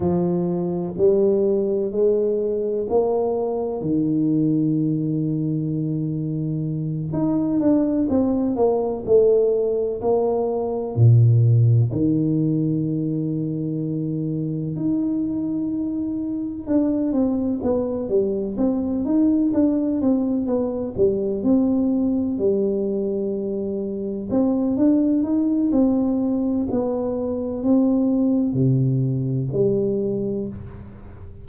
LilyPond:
\new Staff \with { instrumentName = "tuba" } { \time 4/4 \tempo 4 = 63 f4 g4 gis4 ais4 | dis2.~ dis8 dis'8 | d'8 c'8 ais8 a4 ais4 ais,8~ | ais,8 dis2. dis'8~ |
dis'4. d'8 c'8 b8 g8 c'8 | dis'8 d'8 c'8 b8 g8 c'4 g8~ | g4. c'8 d'8 dis'8 c'4 | b4 c'4 c4 g4 | }